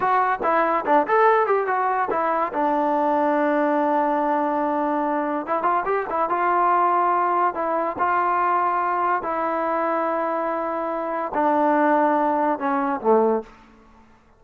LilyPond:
\new Staff \with { instrumentName = "trombone" } { \time 4/4 \tempo 4 = 143 fis'4 e'4 d'8 a'4 g'8 | fis'4 e'4 d'2~ | d'1~ | d'4 e'8 f'8 g'8 e'8 f'4~ |
f'2 e'4 f'4~ | f'2 e'2~ | e'2. d'4~ | d'2 cis'4 a4 | }